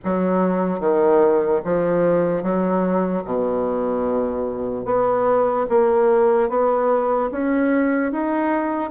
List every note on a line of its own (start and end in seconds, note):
0.04 0.80 F#3
0.80 1.61 D#3
1.64 2.42 F3
2.42 3.23 F#3
3.24 4.85 B2
4.85 5.66 B3
5.69 6.49 A#3
6.49 7.30 B3
7.31 8.12 C#4
8.12 8.90 D#4